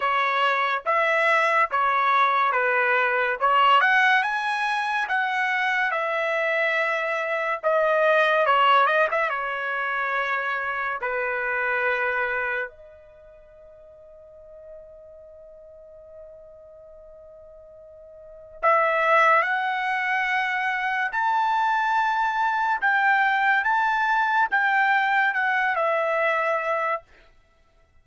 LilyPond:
\new Staff \with { instrumentName = "trumpet" } { \time 4/4 \tempo 4 = 71 cis''4 e''4 cis''4 b'4 | cis''8 fis''8 gis''4 fis''4 e''4~ | e''4 dis''4 cis''8 dis''16 e''16 cis''4~ | cis''4 b'2 dis''4~ |
dis''1~ | dis''2 e''4 fis''4~ | fis''4 a''2 g''4 | a''4 g''4 fis''8 e''4. | }